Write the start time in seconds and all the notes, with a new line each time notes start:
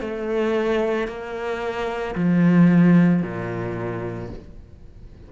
0.00 A3
1.07 A#3
2.15 F3
3.22 A#2